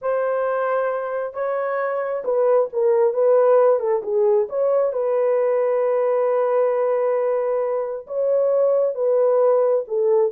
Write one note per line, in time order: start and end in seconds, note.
0.01 1.33 C5
1.33 2.23 C#5
2.24 2.69 B4
2.73 3.13 A#4
3.13 3.79 B4
3.79 4.02 A4
4.02 4.47 G#4
4.49 4.93 C#5
4.93 8.06 B4
8.06 8.94 C#5
8.94 9.84 B4
9.87 10.31 A4